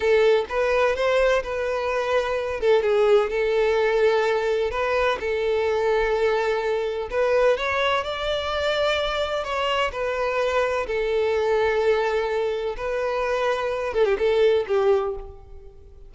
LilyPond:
\new Staff \with { instrumentName = "violin" } { \time 4/4 \tempo 4 = 127 a'4 b'4 c''4 b'4~ | b'4. a'8 gis'4 a'4~ | a'2 b'4 a'4~ | a'2. b'4 |
cis''4 d''2. | cis''4 b'2 a'4~ | a'2. b'4~ | b'4. a'16 g'16 a'4 g'4 | }